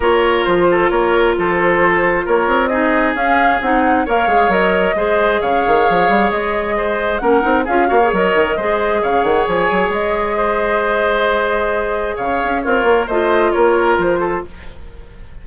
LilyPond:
<<
  \new Staff \with { instrumentName = "flute" } { \time 4/4 \tempo 4 = 133 cis''4 c''4 cis''4 c''4~ | c''4 cis''4 dis''4 f''4 | fis''4 f''4 dis''2 | f''2 dis''2 |
fis''4 f''4 dis''2 | f''8 fis''8 gis''4 dis''2~ | dis''2. f''4 | cis''4 dis''4 cis''4 c''4 | }
  \new Staff \with { instrumentName = "oboe" } { \time 4/4 ais'4. a'8 ais'4 a'4~ | a'4 ais'4 gis'2~ | gis'4 cis''2 c''4 | cis''2. c''4 |
ais'4 gis'8 cis''4. c''4 | cis''2. c''4~ | c''2. cis''4 | f'4 c''4 ais'4. a'8 | }
  \new Staff \with { instrumentName = "clarinet" } { \time 4/4 f'1~ | f'2 dis'4 cis'4 | dis'4 ais'8 gis'8 ais'4 gis'4~ | gis'1 |
cis'8 dis'8 f'8 fis'16 gis'16 ais'4 gis'4~ | gis'1~ | gis'1 | ais'4 f'2. | }
  \new Staff \with { instrumentName = "bassoon" } { \time 4/4 ais4 f4 ais4 f4~ | f4 ais8 c'4. cis'4 | c'4 ais8 gis8 fis4 gis4 | cis8 dis8 f8 g8 gis2 |
ais8 c'8 cis'8 ais8 fis8 dis8 gis4 | cis8 dis8 f8 fis8 gis2~ | gis2. cis8 cis'8 | c'8 ais8 a4 ais4 f4 | }
>>